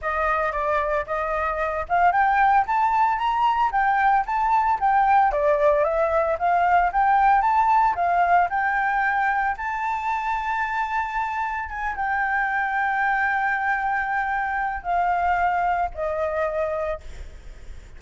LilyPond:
\new Staff \with { instrumentName = "flute" } { \time 4/4 \tempo 4 = 113 dis''4 d''4 dis''4. f''8 | g''4 a''4 ais''4 g''4 | a''4 g''4 d''4 e''4 | f''4 g''4 a''4 f''4 |
g''2 a''2~ | a''2 gis''8 g''4.~ | g''1 | f''2 dis''2 | }